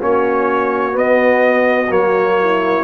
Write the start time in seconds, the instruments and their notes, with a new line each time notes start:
0.00 tuba A#3, trombone C#4, horn F#4, trumpet C#5
0.92 trombone B3, tuba B3, trumpet D#5
1.89 tuba F#3, trombone A#3, trumpet C#5
2.41 horn E4